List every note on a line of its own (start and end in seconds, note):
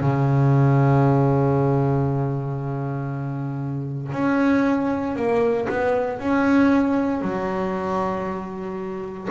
0.00 4.12 C#3
4.12 5.16 C#4
5.16 5.68 A#3
5.68 6.19 B3
6.19 7.21 C#4
7.21 9.28 F#3